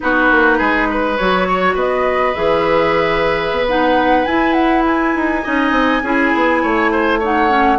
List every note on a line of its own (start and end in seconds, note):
0.00 0.31 B3
0.00 1.16 D#4
0.00 0.58 F#4
0.00 1.17 B4
0.31 0.60 A#3
0.58 1.19 G#3
0.58 0.87 G#4
0.90 1.48 B4
1.17 1.74 F#3
1.17 2.34 F#4
1.17 1.76 C#5
1.48 1.74 C#5
1.74 2.33 B3
1.74 5.42 B4
1.74 2.34 D#5
2.34 3.51 E3
2.34 3.67 G#4
2.34 3.66 E5
3.51 4.25 B3
3.67 4.26 D#4
3.67 4.25 F#5
4.25 5.43 E4
4.25 5.15 E4
4.25 4.53 G#5
4.53 4.82 F#5
4.86 7.21 G#5
5.15 5.44 D#4
5.43 5.71 C#4
5.43 6.01 D#4
5.43 6.02 D#5
5.71 6.00 C4
6.02 6.32 C#4
6.02 7.21 E4
6.02 6.62 G#4
6.34 6.63 B3
6.62 7.78 A3
6.62 6.91 C#5
6.91 7.19 C5
7.19 7.48 D#4
7.19 7.78 C#5
7.19 7.78 F#5
7.48 7.78 C#4